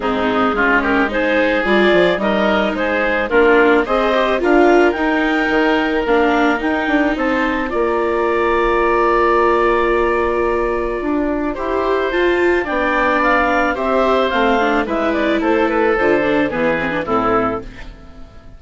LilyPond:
<<
  \new Staff \with { instrumentName = "clarinet" } { \time 4/4 \tempo 4 = 109 gis'4. ais'8 c''4 d''4 | dis''4 c''4 ais'4 dis''4 | f''4 g''2 f''4 | g''4 a''4 ais''2~ |
ais''1~ | ais''2 a''4 g''4 | f''4 e''4 f''4 e''8 d''8 | c''8 b'8 c''4 b'4 a'4 | }
  \new Staff \with { instrumentName = "oboe" } { \time 4/4 dis'4 f'8 g'8 gis'2 | ais'4 gis'4 f'4 c''4 | ais'1~ | ais'4 c''4 d''2~ |
d''1~ | d''4 c''2 d''4~ | d''4 c''2 b'4 | a'2 gis'4 e'4 | }
  \new Staff \with { instrumentName = "viola" } { \time 4/4 c'4 cis'4 dis'4 f'4 | dis'2 d'4 gis'8 g'8 | f'4 dis'2 d'4 | dis'2 f'2~ |
f'1~ | f'4 g'4 f'4 d'4~ | d'4 g'4 c'8 d'8 e'4~ | e'4 f'8 d'8 b8 c'16 d'16 c'4 | }
  \new Staff \with { instrumentName = "bassoon" } { \time 4/4 gis,4 gis2 g8 f8 | g4 gis4 ais4 c'4 | d'4 dis'4 dis4 ais4 | dis'8 d'8 c'4 ais2~ |
ais1 | d'4 e'4 f'4 b4~ | b4 c'4 a4 gis4 | a4 d4 e4 a,4 | }
>>